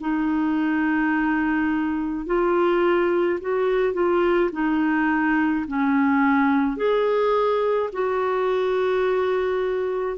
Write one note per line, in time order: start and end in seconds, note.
0.00 2.26 D#4
2.26 3.39 F4
3.41 3.93 F#4
3.93 4.50 F4
4.52 5.65 D#4
5.68 6.76 C#4
6.76 7.89 G#4
7.92 10.17 F#4